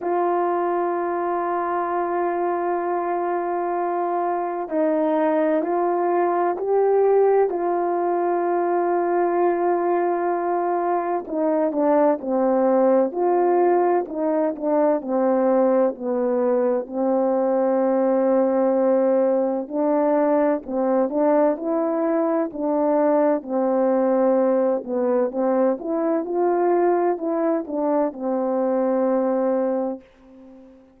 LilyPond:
\new Staff \with { instrumentName = "horn" } { \time 4/4 \tempo 4 = 64 f'1~ | f'4 dis'4 f'4 g'4 | f'1 | dis'8 d'8 c'4 f'4 dis'8 d'8 |
c'4 b4 c'2~ | c'4 d'4 c'8 d'8 e'4 | d'4 c'4. b8 c'8 e'8 | f'4 e'8 d'8 c'2 | }